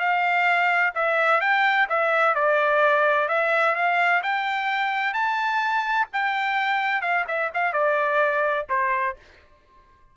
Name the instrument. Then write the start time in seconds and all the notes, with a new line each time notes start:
trumpet
0.00 F5
0.95 E5
1.41 G5
1.90 E5
2.35 D5
3.29 E5
3.75 F5
4.23 G5
5.14 A5
6.13 G5
7.02 F5
7.28 E5
7.54 F5
7.73 D5
8.70 C5